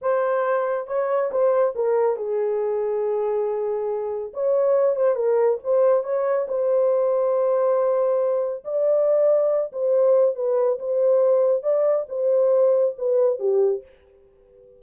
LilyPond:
\new Staff \with { instrumentName = "horn" } { \time 4/4 \tempo 4 = 139 c''2 cis''4 c''4 | ais'4 gis'2.~ | gis'2 cis''4. c''8 | ais'4 c''4 cis''4 c''4~ |
c''1 | d''2~ d''8 c''4. | b'4 c''2 d''4 | c''2 b'4 g'4 | }